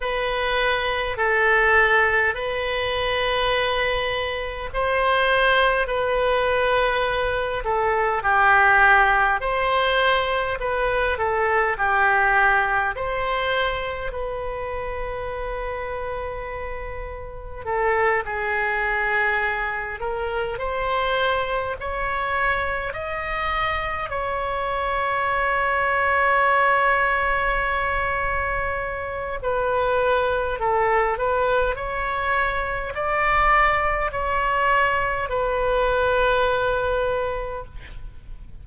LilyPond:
\new Staff \with { instrumentName = "oboe" } { \time 4/4 \tempo 4 = 51 b'4 a'4 b'2 | c''4 b'4. a'8 g'4 | c''4 b'8 a'8 g'4 c''4 | b'2. a'8 gis'8~ |
gis'4 ais'8 c''4 cis''4 dis''8~ | dis''8 cis''2.~ cis''8~ | cis''4 b'4 a'8 b'8 cis''4 | d''4 cis''4 b'2 | }